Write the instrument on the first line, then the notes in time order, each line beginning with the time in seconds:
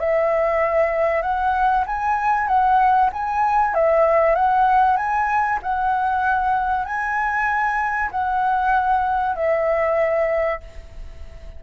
flute
0.00 E5
1.22 F#5
1.87 G#5
2.48 F#5
3.13 G#5
3.75 E5
4.36 F#5
4.97 G#5
5.62 F#5
6.86 G#5
8.12 F#5
9.36 E5